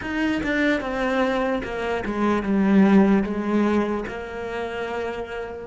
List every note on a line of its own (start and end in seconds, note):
0.01 0.42 D#4
0.43 0.81 D4
0.81 1.62 C4
1.63 2.04 A#3
2.05 2.42 G#3
2.42 3.23 G3
3.23 4.04 G#3
4.08 5.66 A#3